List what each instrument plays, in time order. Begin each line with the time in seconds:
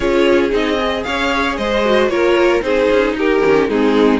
0.00 cello C#4, viola F4, violin G#4 C#5
0.50 cello C4, viola D#4, violin D#5
0.80 viola G#4
1.03 cello C#4, violin C#5 F5
1.57 cello G#3, violin C5 D#5
1.85 viola F#4
2.08 cello A#3, viola F4, violin A#4 C#5
2.61 cello C4, viola D#4, violin G#4 C5
2.91 cello C#4
3.13 cello D#4, violin G4 A#4
3.43 cello D#3, viola C#4
3.68 cello G#3, viola C4, violin D#4 G#4